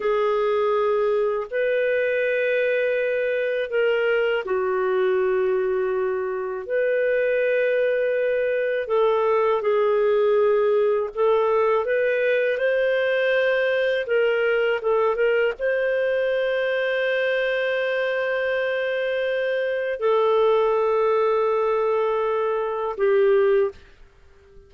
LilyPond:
\new Staff \with { instrumentName = "clarinet" } { \time 4/4 \tempo 4 = 81 gis'2 b'2~ | b'4 ais'4 fis'2~ | fis'4 b'2. | a'4 gis'2 a'4 |
b'4 c''2 ais'4 | a'8 ais'8 c''2.~ | c''2. a'4~ | a'2. g'4 | }